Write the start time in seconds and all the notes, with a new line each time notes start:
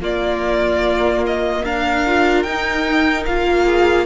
0.00 A#3 F4 D5
1.26 D#5
1.64 D4 A#4 F5
2.06 F4
2.43 D#4 G5
3.26 A#3 F4 F5
3.65 G#4